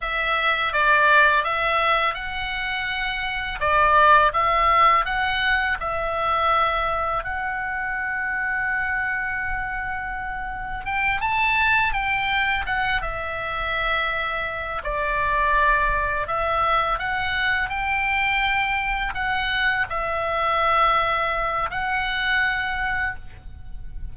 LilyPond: \new Staff \with { instrumentName = "oboe" } { \time 4/4 \tempo 4 = 83 e''4 d''4 e''4 fis''4~ | fis''4 d''4 e''4 fis''4 | e''2 fis''2~ | fis''2. g''8 a''8~ |
a''8 g''4 fis''8 e''2~ | e''8 d''2 e''4 fis''8~ | fis''8 g''2 fis''4 e''8~ | e''2 fis''2 | }